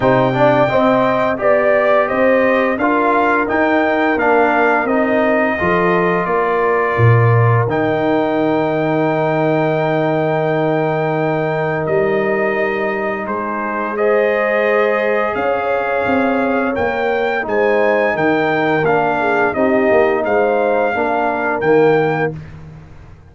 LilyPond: <<
  \new Staff \with { instrumentName = "trumpet" } { \time 4/4 \tempo 4 = 86 g''2 d''4 dis''4 | f''4 g''4 f''4 dis''4~ | dis''4 d''2 g''4~ | g''1~ |
g''4 dis''2 c''4 | dis''2 f''2 | g''4 gis''4 g''4 f''4 | dis''4 f''2 g''4 | }
  \new Staff \with { instrumentName = "horn" } { \time 4/4 c''8 d''8 dis''4 d''4 c''4 | ais'1 | a'4 ais'2.~ | ais'1~ |
ais'2. gis'4 | c''2 cis''2~ | cis''4 c''4 ais'4. gis'8 | g'4 c''4 ais'2 | }
  \new Staff \with { instrumentName = "trombone" } { \time 4/4 dis'8 d'8 c'4 g'2 | f'4 dis'4 d'4 dis'4 | f'2. dis'4~ | dis'1~ |
dis'1 | gis'1 | ais'4 dis'2 d'4 | dis'2 d'4 ais4 | }
  \new Staff \with { instrumentName = "tuba" } { \time 4/4 c4 c'4 b4 c'4 | d'4 dis'4 ais4 c'4 | f4 ais4 ais,4 dis4~ | dis1~ |
dis4 g2 gis4~ | gis2 cis'4 c'4 | ais4 gis4 dis4 ais4 | c'8 ais8 gis4 ais4 dis4 | }
>>